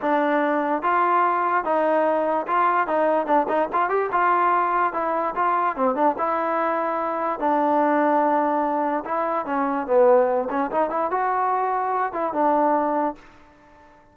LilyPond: \new Staff \with { instrumentName = "trombone" } { \time 4/4 \tempo 4 = 146 d'2 f'2 | dis'2 f'4 dis'4 | d'8 dis'8 f'8 g'8 f'2 | e'4 f'4 c'8 d'8 e'4~ |
e'2 d'2~ | d'2 e'4 cis'4 | b4. cis'8 dis'8 e'8 fis'4~ | fis'4. e'8 d'2 | }